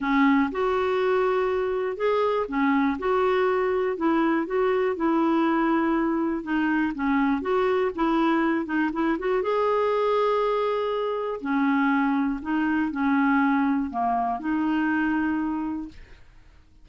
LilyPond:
\new Staff \with { instrumentName = "clarinet" } { \time 4/4 \tempo 4 = 121 cis'4 fis'2. | gis'4 cis'4 fis'2 | e'4 fis'4 e'2~ | e'4 dis'4 cis'4 fis'4 |
e'4. dis'8 e'8 fis'8 gis'4~ | gis'2. cis'4~ | cis'4 dis'4 cis'2 | ais4 dis'2. | }